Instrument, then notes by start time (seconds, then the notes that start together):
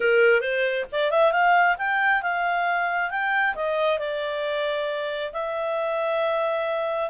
clarinet
0.00 A#4
0.40 C5
0.92 D5
1.10 E5
1.32 F5
1.77 G5
2.22 F5
3.10 G5
3.55 D#5
3.98 D5
5.32 E5